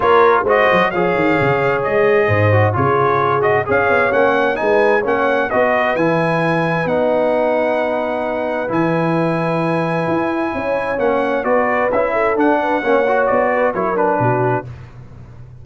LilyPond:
<<
  \new Staff \with { instrumentName = "trumpet" } { \time 4/4 \tempo 4 = 131 cis''4 dis''4 f''2 | dis''2 cis''4. dis''8 | f''4 fis''4 gis''4 fis''4 | dis''4 gis''2 fis''4~ |
fis''2. gis''4~ | gis''1 | fis''4 d''4 e''4 fis''4~ | fis''4 d''4 cis''8 b'4. | }
  \new Staff \with { instrumentName = "horn" } { \time 4/4 ais'4 c''4 cis''2~ | cis''4 c''4 gis'2 | cis''2 b'4 cis''4 | b'1~ |
b'1~ | b'2. cis''4~ | cis''4 b'4. a'4 b'8 | cis''4. b'8 ais'4 fis'4 | }
  \new Staff \with { instrumentName = "trombone" } { \time 4/4 f'4 fis'4 gis'2~ | gis'4. fis'8 f'4. fis'8 | gis'4 cis'4 dis'4 cis'4 | fis'4 e'2 dis'4~ |
dis'2. e'4~ | e'1 | cis'4 fis'4 e'4 d'4 | cis'8 fis'4. e'8 d'4. | }
  \new Staff \with { instrumentName = "tuba" } { \time 4/4 ais4 gis8 fis8 f8 dis8 cis4 | gis4 gis,4 cis2 | cis'8 b8 ais4 gis4 ais4 | b4 e2 b4~ |
b2. e4~ | e2 e'4 cis'4 | ais4 b4 cis'4 d'4 | ais4 b4 fis4 b,4 | }
>>